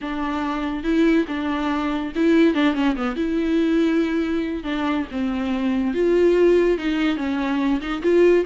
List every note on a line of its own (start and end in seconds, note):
0.01 0.83 D4
0.83 1.25 E4
1.28 2.12 D4
2.15 2.54 E4
2.54 2.74 D4
2.74 2.95 C#4
2.96 3.16 B3
3.16 4.63 E4
4.63 5.06 D4
5.11 5.94 C4
5.94 6.77 F4
6.77 7.17 D#4
7.17 7.80 C#4
7.81 8.02 D#4
8.02 8.44 F4